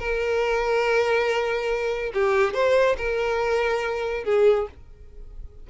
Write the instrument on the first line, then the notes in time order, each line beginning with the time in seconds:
violin
0.00 A#4
2.14 G4
2.54 C5
2.98 A#4
4.25 G#4